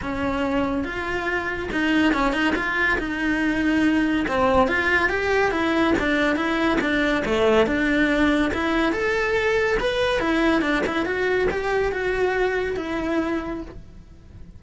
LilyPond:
\new Staff \with { instrumentName = "cello" } { \time 4/4 \tempo 4 = 141 cis'2 f'2 | dis'4 cis'8 dis'8 f'4 dis'4~ | dis'2 c'4 f'4 | g'4 e'4 d'4 e'4 |
d'4 a4 d'2 | e'4 a'2 b'4 | e'4 d'8 e'8 fis'4 g'4 | fis'2 e'2 | }